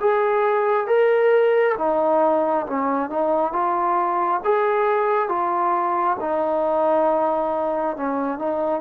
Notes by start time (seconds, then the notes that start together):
0.00 G#4
0.87 A#4
1.78 D#4
2.67 C#4
3.10 D#4
3.52 F4
4.44 G#4
5.29 F4
6.20 D#4
7.97 C#4
8.38 D#4